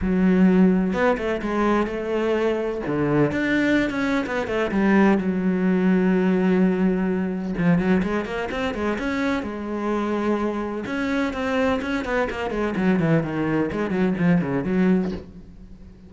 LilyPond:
\new Staff \with { instrumentName = "cello" } { \time 4/4 \tempo 4 = 127 fis2 b8 a8 gis4 | a2 d4 d'4~ | d'16 cis'8. b8 a8 g4 fis4~ | fis1 |
f8 fis8 gis8 ais8 c'8 gis8 cis'4 | gis2. cis'4 | c'4 cis'8 b8 ais8 gis8 fis8 e8 | dis4 gis8 fis8 f8 cis8 fis4 | }